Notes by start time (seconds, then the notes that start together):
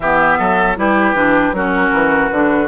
0.00 E3 B3 G4 E5
0.38 F#3 A4
0.76 G3 E4 G4 B4
1.14 E3 D4
1.52 F#3 C#4 F#4 A#4
1.92 E3
2.29 D3 D4 B4